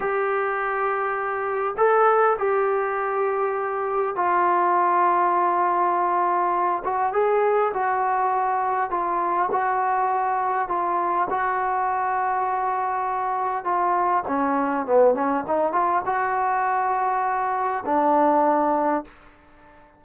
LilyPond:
\new Staff \with { instrumentName = "trombone" } { \time 4/4 \tempo 4 = 101 g'2. a'4 | g'2. f'4~ | f'2.~ f'8 fis'8 | gis'4 fis'2 f'4 |
fis'2 f'4 fis'4~ | fis'2. f'4 | cis'4 b8 cis'8 dis'8 f'8 fis'4~ | fis'2 d'2 | }